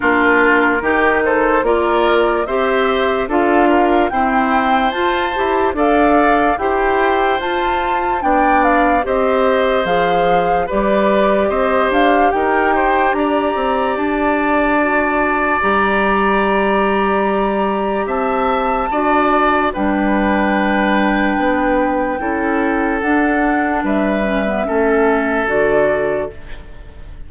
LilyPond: <<
  \new Staff \with { instrumentName = "flute" } { \time 4/4 \tempo 4 = 73 ais'4. c''8 d''4 e''4 | f''4 g''4 a''4 f''4 | g''4 a''4 g''8 f''8 dis''4 | f''4 d''4 dis''8 f''8 g''4 |
ais''4 a''2 ais''4~ | ais''2 a''2 | g''1 | fis''4 e''2 d''4 | }
  \new Staff \with { instrumentName = "oboe" } { \time 4/4 f'4 g'8 a'8 ais'4 c''4 | a'8 ais'8 c''2 d''4 | c''2 d''4 c''4~ | c''4 b'4 c''4 ais'8 c''8 |
d''1~ | d''2 e''4 d''4 | b'2. a'4~ | a'4 b'4 a'2 | }
  \new Staff \with { instrumentName = "clarinet" } { \time 4/4 d'4 dis'4 f'4 g'4 | f'4 c'4 f'8 g'8 a'4 | g'4 f'4 d'4 g'4 | gis'4 g'2.~ |
g'2 fis'4 g'4~ | g'2. fis'4 | d'2. e'4 | d'4. cis'16 b16 cis'4 fis'4 | }
  \new Staff \with { instrumentName = "bassoon" } { \time 4/4 ais4 dis4 ais4 c'4 | d'4 e'4 f'8 e'8 d'4 | e'4 f'4 b4 c'4 | f4 g4 c'8 d'8 dis'4 |
d'8 c'8 d'2 g4~ | g2 c'4 d'4 | g2 b4 cis'4 | d'4 g4 a4 d4 | }
>>